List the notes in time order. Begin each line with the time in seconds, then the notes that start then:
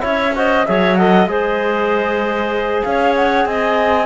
0.00 C#4 E4 C#5 E5
0.34 F#4 C5 D#5
0.65 F#3 G#4 C#5 E5
0.95 A4 D#5 F#5
1.26 G#3 G#4 C5 D#5
2.83 C#4 C#5 F5
3.15 F#5
3.45 C4 D#5 G#5